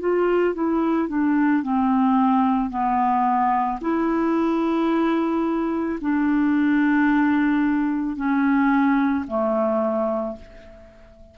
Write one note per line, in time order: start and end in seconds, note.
0.00 0.55 F4
0.55 1.09 E4
1.09 1.63 D4
1.63 2.70 C4
2.70 3.79 B3
3.81 5.99 E4
6.01 8.16 D4
8.16 9.25 C#4
9.27 10.36 A3